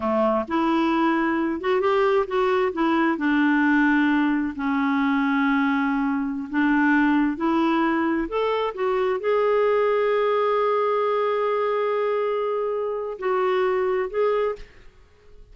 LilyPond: \new Staff \with { instrumentName = "clarinet" } { \time 4/4 \tempo 4 = 132 a4 e'2~ e'8 fis'8 | g'4 fis'4 e'4 d'4~ | d'2 cis'2~ | cis'2~ cis'16 d'4.~ d'16~ |
d'16 e'2 a'4 fis'8.~ | fis'16 gis'2.~ gis'8.~ | gis'1~ | gis'4 fis'2 gis'4 | }